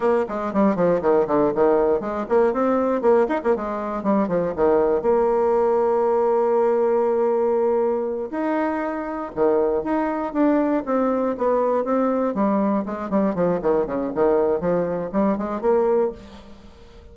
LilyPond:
\new Staff \with { instrumentName = "bassoon" } { \time 4/4 \tempo 4 = 119 ais8 gis8 g8 f8 dis8 d8 dis4 | gis8 ais8 c'4 ais8 dis'16 ais16 gis4 | g8 f8 dis4 ais2~ | ais1~ |
ais8 dis'2 dis4 dis'8~ | dis'8 d'4 c'4 b4 c'8~ | c'8 g4 gis8 g8 f8 dis8 cis8 | dis4 f4 g8 gis8 ais4 | }